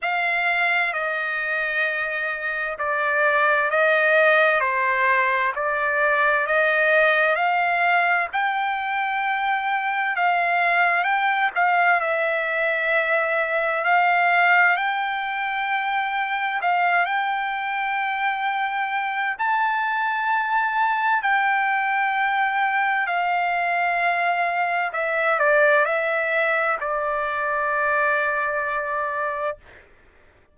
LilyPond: \new Staff \with { instrumentName = "trumpet" } { \time 4/4 \tempo 4 = 65 f''4 dis''2 d''4 | dis''4 c''4 d''4 dis''4 | f''4 g''2 f''4 | g''8 f''8 e''2 f''4 |
g''2 f''8 g''4.~ | g''4 a''2 g''4~ | g''4 f''2 e''8 d''8 | e''4 d''2. | }